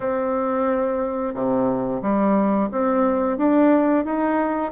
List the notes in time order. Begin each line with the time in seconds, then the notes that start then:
0.00 C4
1.34 C3
2.01 G3
2.71 C4
3.37 D4
4.04 D#4